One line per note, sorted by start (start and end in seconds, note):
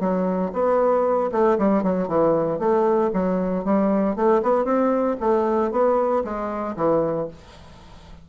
0.00 0.52 F#3
0.53 1.31 B3
1.32 1.58 A3
1.58 1.83 G3
1.83 2.08 F#3
2.08 2.59 E3
2.59 3.11 A3
3.13 3.65 F#3
3.65 4.16 G3
4.16 4.42 A3
4.43 4.65 B3
4.65 5.17 C4
5.21 5.72 A3
5.72 6.23 B3
6.24 6.76 G#3
6.76 7.28 E3